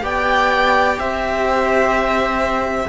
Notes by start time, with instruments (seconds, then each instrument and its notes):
0.00 cello B3 G4, viola D5, violin G5
0.99 cello C4, viola C5, violin E5